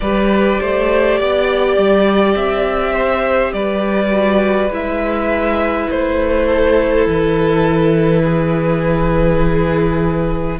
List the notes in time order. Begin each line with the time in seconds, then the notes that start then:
0.00 G3 G4 B4 D5
0.60 A3 C5
1.18 B3 D5
1.77 G3
2.35 C4 E5
2.92 C5
3.52 G3 B4 D5
4.10 F#4
4.69 G#3 E4 E5
5.90 A3 C5
6.46 A4
7.06 E3 B4
8.23 G#4